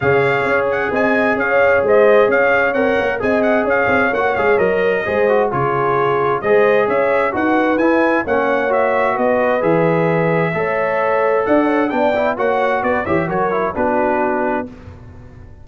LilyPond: <<
  \new Staff \with { instrumentName = "trumpet" } { \time 4/4 \tempo 4 = 131 f''4. fis''8 gis''4 f''4 | dis''4 f''4 fis''4 gis''8 fis''8 | f''4 fis''8 f''8 dis''2 | cis''2 dis''4 e''4 |
fis''4 gis''4 fis''4 e''4 | dis''4 e''2.~ | e''4 fis''4 g''4 fis''4 | d''8 e''8 cis''4 b'2 | }
  \new Staff \with { instrumentName = "horn" } { \time 4/4 cis''2 dis''4 cis''4 | c''4 cis''2 dis''4 | cis''2. c''4 | gis'2 c''4 cis''4 |
b'2 cis''2 | b'2. cis''4~ | cis''4 d''8 cis''8 d''4 cis''4 | b'8 cis''8 ais'4 fis'2 | }
  \new Staff \with { instrumentName = "trombone" } { \time 4/4 gis'1~ | gis'2 ais'4 gis'4~ | gis'4 fis'8 gis'8 ais'4 gis'8 fis'8 | f'2 gis'2 |
fis'4 e'4 cis'4 fis'4~ | fis'4 gis'2 a'4~ | a'2 d'8 e'8 fis'4~ | fis'8 g'8 fis'8 e'8 d'2 | }
  \new Staff \with { instrumentName = "tuba" } { \time 4/4 cis4 cis'4 c'4 cis'4 | gis4 cis'4 c'8 ais8 c'4 | cis'8 c'8 ais8 gis8 fis4 gis4 | cis2 gis4 cis'4 |
dis'4 e'4 ais2 | b4 e2 a4~ | a4 d'4 b4 ais4 | b8 e8 fis4 b2 | }
>>